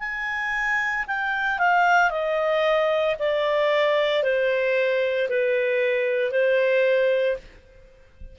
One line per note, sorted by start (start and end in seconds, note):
0.00 1.05 G#5
1.08 1.59 G5
1.59 2.11 F5
2.11 3.16 D#5
3.20 4.23 D5
4.23 5.29 C5
5.30 6.32 B4
6.32 7.37 C5